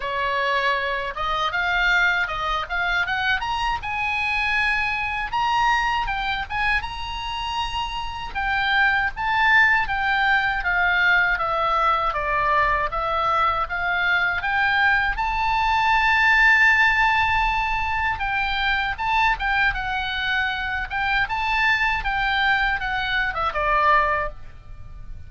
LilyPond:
\new Staff \with { instrumentName = "oboe" } { \time 4/4 \tempo 4 = 79 cis''4. dis''8 f''4 dis''8 f''8 | fis''8 ais''8 gis''2 ais''4 | g''8 gis''8 ais''2 g''4 | a''4 g''4 f''4 e''4 |
d''4 e''4 f''4 g''4 | a''1 | g''4 a''8 g''8 fis''4. g''8 | a''4 g''4 fis''8. e''16 d''4 | }